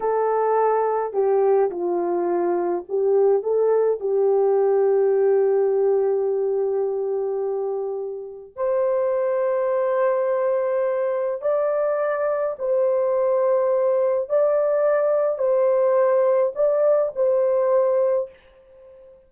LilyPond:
\new Staff \with { instrumentName = "horn" } { \time 4/4 \tempo 4 = 105 a'2 g'4 f'4~ | f'4 g'4 a'4 g'4~ | g'1~ | g'2. c''4~ |
c''1 | d''2 c''2~ | c''4 d''2 c''4~ | c''4 d''4 c''2 | }